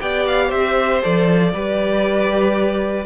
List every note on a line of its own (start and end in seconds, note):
0.00 0.52 B3
0.00 1.03 G4
0.00 0.48 D5
0.00 0.26 G5
0.27 0.51 F5
0.48 1.03 C4
0.48 1.50 C5
0.48 1.02 E5
1.03 1.54 F3
1.03 1.54 A4
1.03 3.06 D5
1.54 3.06 G3
1.54 3.06 G4
1.54 3.06 B4